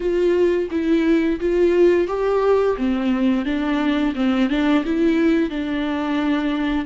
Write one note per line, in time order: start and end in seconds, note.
0.00 0.69 F4
0.71 1.39 E4
1.40 2.07 F4
2.07 2.76 G4
2.77 3.45 C4
3.45 4.14 D4
4.15 4.49 C4
4.49 4.84 D4
4.84 5.50 E4
5.50 6.85 D4